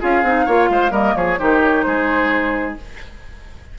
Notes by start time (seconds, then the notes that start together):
0.00 C#4 F4 G#4 F5
0.22 C4 D#4
0.46 A#3 F4 C#5
0.69 G#3 C5
0.91 G3 A#3 A#4 D#5
1.15 F3 G#4 C#5
1.38 D#3 D#4 G4 C5
1.62 C#5
1.82 G#3 G#4 C5